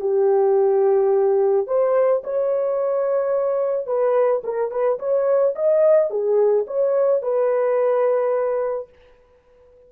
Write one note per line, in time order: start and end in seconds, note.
0.00 1.67 G4
1.67 2.22 C5
2.23 3.86 C#5
3.86 4.42 B4
4.43 4.71 A#4
4.71 4.98 B4
4.99 5.54 C#5
5.55 6.10 D#5
6.10 6.66 G#4
6.67 7.22 C#5
7.22 8.89 B4